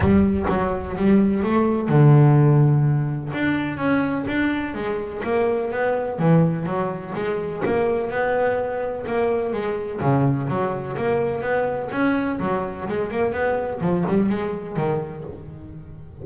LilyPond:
\new Staff \with { instrumentName = "double bass" } { \time 4/4 \tempo 4 = 126 g4 fis4 g4 a4 | d2. d'4 | cis'4 d'4 gis4 ais4 | b4 e4 fis4 gis4 |
ais4 b2 ais4 | gis4 cis4 fis4 ais4 | b4 cis'4 fis4 gis8 ais8 | b4 f8 g8 gis4 dis4 | }